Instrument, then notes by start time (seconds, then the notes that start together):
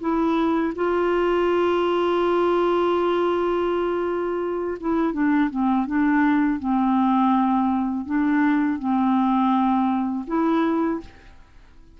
clarinet
0.00 E4
0.75 F4
4.80 E4
5.13 D4
5.50 C4
5.86 D4
6.59 C4
8.06 D4
8.79 C4
10.27 E4